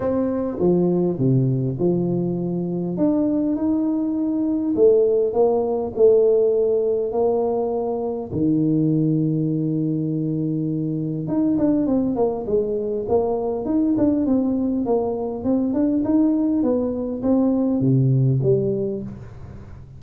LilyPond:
\new Staff \with { instrumentName = "tuba" } { \time 4/4 \tempo 4 = 101 c'4 f4 c4 f4~ | f4 d'4 dis'2 | a4 ais4 a2 | ais2 dis2~ |
dis2. dis'8 d'8 | c'8 ais8 gis4 ais4 dis'8 d'8 | c'4 ais4 c'8 d'8 dis'4 | b4 c'4 c4 g4 | }